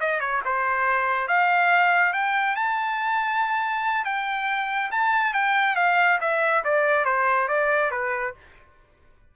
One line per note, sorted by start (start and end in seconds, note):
0.00 0.20 D#5
0.20 0.41 C#5
0.45 1.27 C5
1.27 2.13 F5
2.13 2.56 G5
2.56 4.04 A5
4.04 4.90 G5
4.91 5.34 A5
5.34 5.76 G5
5.76 6.19 F5
6.20 6.63 E5
6.64 7.05 D5
7.05 7.48 C5
7.48 7.91 D5
7.91 8.34 B4